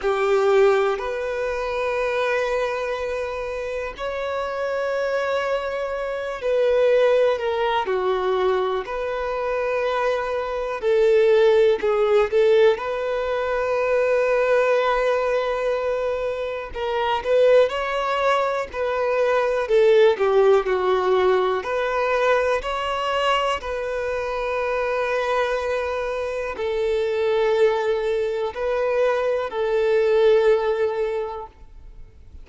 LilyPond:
\new Staff \with { instrumentName = "violin" } { \time 4/4 \tempo 4 = 61 g'4 b'2. | cis''2~ cis''8 b'4 ais'8 | fis'4 b'2 a'4 | gis'8 a'8 b'2.~ |
b'4 ais'8 b'8 cis''4 b'4 | a'8 g'8 fis'4 b'4 cis''4 | b'2. a'4~ | a'4 b'4 a'2 | }